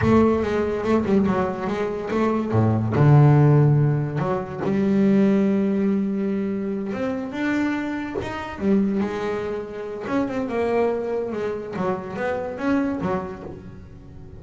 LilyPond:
\new Staff \with { instrumentName = "double bass" } { \time 4/4 \tempo 4 = 143 a4 gis4 a8 g8 fis4 | gis4 a4 a,4 d4~ | d2 fis4 g4~ | g1~ |
g8 c'4 d'2 dis'8~ | dis'8 g4 gis2~ gis8 | cis'8 c'8 ais2 gis4 | fis4 b4 cis'4 fis4 | }